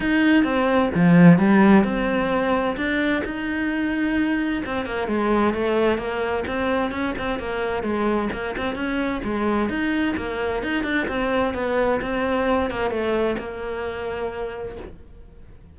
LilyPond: \new Staff \with { instrumentName = "cello" } { \time 4/4 \tempo 4 = 130 dis'4 c'4 f4 g4 | c'2 d'4 dis'4~ | dis'2 c'8 ais8 gis4 | a4 ais4 c'4 cis'8 c'8 |
ais4 gis4 ais8 c'8 cis'4 | gis4 dis'4 ais4 dis'8 d'8 | c'4 b4 c'4. ais8 | a4 ais2. | }